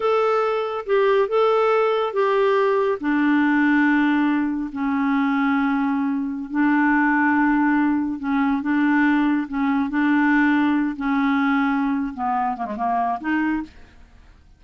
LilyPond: \new Staff \with { instrumentName = "clarinet" } { \time 4/4 \tempo 4 = 141 a'2 g'4 a'4~ | a'4 g'2 d'4~ | d'2. cis'4~ | cis'2.~ cis'16 d'8.~ |
d'2.~ d'16 cis'8.~ | cis'16 d'2 cis'4 d'8.~ | d'4.~ d'16 cis'2~ cis'16~ | cis'8 b4 ais16 gis16 ais4 dis'4 | }